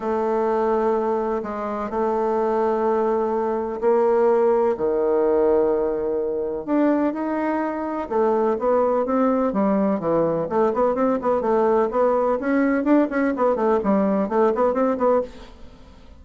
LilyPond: \new Staff \with { instrumentName = "bassoon" } { \time 4/4 \tempo 4 = 126 a2. gis4 | a1 | ais2 dis2~ | dis2 d'4 dis'4~ |
dis'4 a4 b4 c'4 | g4 e4 a8 b8 c'8 b8 | a4 b4 cis'4 d'8 cis'8 | b8 a8 g4 a8 b8 c'8 b8 | }